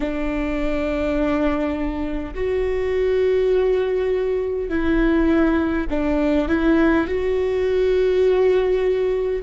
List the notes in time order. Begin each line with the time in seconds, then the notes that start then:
0.00 D4
2.34 F#4
4.68 E4
5.90 D4
6.48 E4
7.07 F#4